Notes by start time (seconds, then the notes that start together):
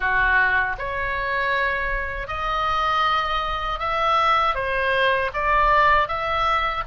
0.00 F#4
0.78 C#5
2.27 D#5
3.79 E5
4.54 C5
5.33 D5
6.08 E5